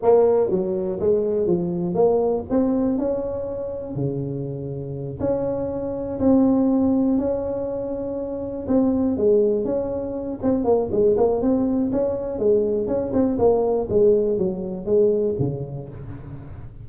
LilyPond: \new Staff \with { instrumentName = "tuba" } { \time 4/4 \tempo 4 = 121 ais4 fis4 gis4 f4 | ais4 c'4 cis'2 | cis2~ cis8 cis'4.~ | cis'8 c'2 cis'4.~ |
cis'4. c'4 gis4 cis'8~ | cis'4 c'8 ais8 gis8 ais8 c'4 | cis'4 gis4 cis'8 c'8 ais4 | gis4 fis4 gis4 cis4 | }